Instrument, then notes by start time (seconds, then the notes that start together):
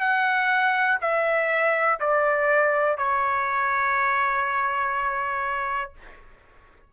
trumpet
0.00 F#5
1.01 E5
2.00 D5
2.98 C#5